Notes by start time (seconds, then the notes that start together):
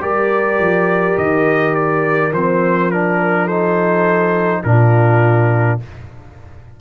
0.00 G3 G4 A#4 D5
0.59 F3
1.17 D#3 D#5
1.75 D5
2.32 F3 C4 C5
2.90 D4 A#4
3.44 D#4 A4 C5
4.63 A#2 D4 F4 A#4